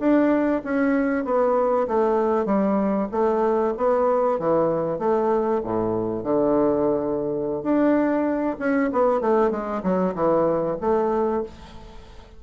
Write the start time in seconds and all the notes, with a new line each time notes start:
0.00 D4
0.64 C#4
1.25 B3
1.88 A3
2.46 G3
3.12 A3
3.78 B3
4.39 E3
4.99 A3
5.64 A2
6.24 D3
7.63 D4
8.59 C#4
8.92 B3
9.21 A3
9.51 G#3
9.84 F#3
10.15 E3
10.81 A3